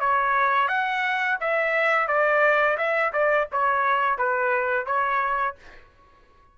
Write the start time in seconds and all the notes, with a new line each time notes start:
0.00 C#5
0.68 F#5
1.40 E5
2.07 D5
2.77 E5
3.13 D5
3.52 C#5
4.18 B4
4.86 C#5